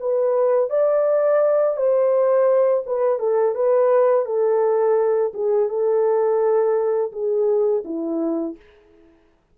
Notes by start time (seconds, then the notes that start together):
0.00 B4
0.70 D5
1.77 C5
2.86 B4
3.19 A4
3.55 B4
4.26 A4
5.34 G#4
5.69 A4
7.12 G#4
7.85 E4